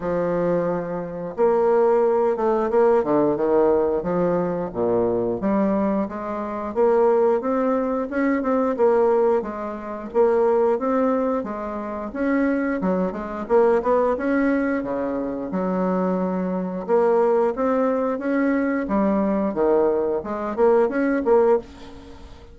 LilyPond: \new Staff \with { instrumentName = "bassoon" } { \time 4/4 \tempo 4 = 89 f2 ais4. a8 | ais8 d8 dis4 f4 ais,4 | g4 gis4 ais4 c'4 | cis'8 c'8 ais4 gis4 ais4 |
c'4 gis4 cis'4 fis8 gis8 | ais8 b8 cis'4 cis4 fis4~ | fis4 ais4 c'4 cis'4 | g4 dis4 gis8 ais8 cis'8 ais8 | }